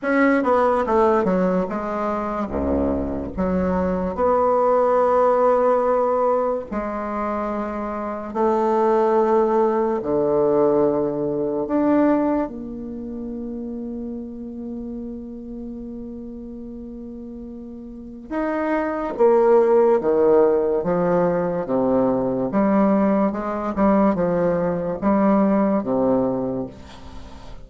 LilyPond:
\new Staff \with { instrumentName = "bassoon" } { \time 4/4 \tempo 4 = 72 cis'8 b8 a8 fis8 gis4 cis,4 | fis4 b2. | gis2 a2 | d2 d'4 ais4~ |
ais1~ | ais2 dis'4 ais4 | dis4 f4 c4 g4 | gis8 g8 f4 g4 c4 | }